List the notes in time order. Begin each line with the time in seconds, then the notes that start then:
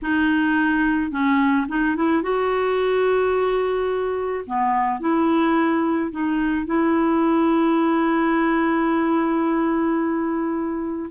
0.02 D#4
1.11 C#4
1.68 D#4
1.95 E4
2.22 F#4
4.46 B3
5.00 E4
6.11 D#4
6.66 E4